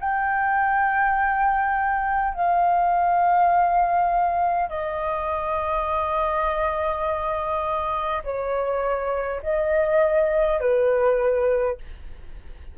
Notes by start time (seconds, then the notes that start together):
0.00 G5
2.35 F5
4.70 D#5
8.24 C#5
9.43 D#5
10.60 B4